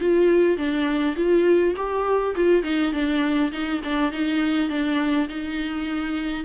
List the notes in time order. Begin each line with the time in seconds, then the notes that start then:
0.00 F4
0.57 D4
1.16 F4
1.76 G4
2.35 F4
2.63 D#4
2.93 D4
3.52 D#4
3.84 D4
4.12 D#4
4.70 D4
5.29 D#4